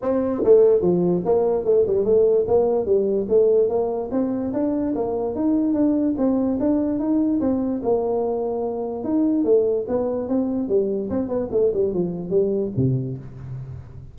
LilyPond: \new Staff \with { instrumentName = "tuba" } { \time 4/4 \tempo 4 = 146 c'4 a4 f4 ais4 | a8 g8 a4 ais4 g4 | a4 ais4 c'4 d'4 | ais4 dis'4 d'4 c'4 |
d'4 dis'4 c'4 ais4~ | ais2 dis'4 a4 | b4 c'4 g4 c'8 b8 | a8 g8 f4 g4 c4 | }